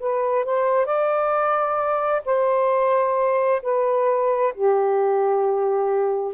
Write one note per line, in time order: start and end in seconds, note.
0.00 0.45 B4
0.45 0.86 C5
0.86 2.22 D5
2.25 3.62 C5
3.63 4.54 B4
4.55 6.34 G4